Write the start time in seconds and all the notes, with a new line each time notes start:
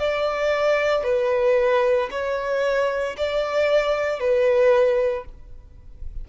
0.00 D5
1.04 B4
2.11 C#5
3.18 D5
4.20 B4